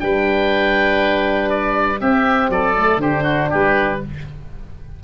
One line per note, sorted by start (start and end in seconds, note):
0.00 2.01 G3
0.00 2.01 D4
0.00 2.01 B4
0.00 1.50 G5
1.50 2.00 D5
2.00 2.49 C4
2.00 2.76 C4
2.00 2.51 G4
2.00 2.50 E5
2.49 2.97 F#3
2.49 3.02 A4
2.49 3.01 D5
2.76 3.00 A3
2.97 3.47 D3
2.97 4.00 D4
2.97 3.23 G4
2.97 3.51 C5
3.23 3.48 F#4
3.50 4.04 G3
3.50 4.00 G4
3.50 4.03 B4